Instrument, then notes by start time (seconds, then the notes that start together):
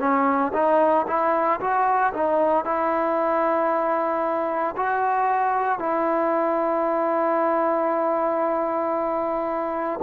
trombone
0.00 C#4
0.54 D#4
1.08 E4
1.61 F#4
2.14 D#4
2.65 E4
4.77 F#4
5.79 E4